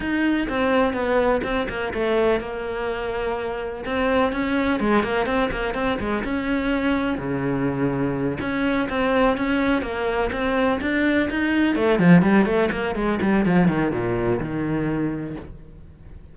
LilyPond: \new Staff \with { instrumentName = "cello" } { \time 4/4 \tempo 4 = 125 dis'4 c'4 b4 c'8 ais8 | a4 ais2. | c'4 cis'4 gis8 ais8 c'8 ais8 | c'8 gis8 cis'2 cis4~ |
cis4. cis'4 c'4 cis'8~ | cis'8 ais4 c'4 d'4 dis'8~ | dis'8 a8 f8 g8 a8 ais8 gis8 g8 | f8 dis8 ais,4 dis2 | }